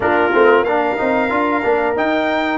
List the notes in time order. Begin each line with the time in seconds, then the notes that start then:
0.00 A#3 D4 F4 A#4
0.33 A3 C4
0.63 A#3 D4 A#4 F5
0.97 C4 D#4
1.29 D4 F4
1.63 A#3 D4
1.96 D#4 G5